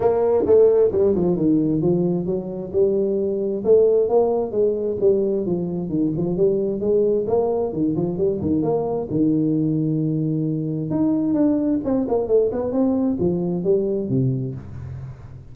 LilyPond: \new Staff \with { instrumentName = "tuba" } { \time 4/4 \tempo 4 = 132 ais4 a4 g8 f8 dis4 | f4 fis4 g2 | a4 ais4 gis4 g4 | f4 dis8 f8 g4 gis4 |
ais4 dis8 f8 g8 dis8 ais4 | dis1 | dis'4 d'4 c'8 ais8 a8 b8 | c'4 f4 g4 c4 | }